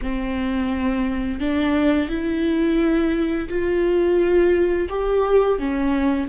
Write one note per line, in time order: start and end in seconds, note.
0.01 1.40 C4
1.40 2.08 D4
2.08 3.48 E4
3.49 4.88 F4
4.89 5.58 G4
5.58 6.28 C#4